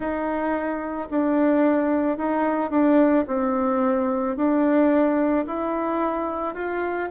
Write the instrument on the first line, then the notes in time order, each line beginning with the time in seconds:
bassoon
0.00 D#4
1.10 D4
2.17 D#4
2.70 D4
3.27 C4
4.36 D4
5.46 E4
6.54 F4